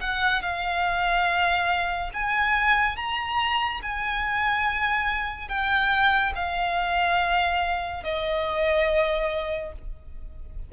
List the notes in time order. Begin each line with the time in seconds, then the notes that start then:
0.00 F#5
0.41 F5
2.13 G#5
2.96 A#5
3.82 G#5
5.48 G5
6.35 F5
8.03 D#5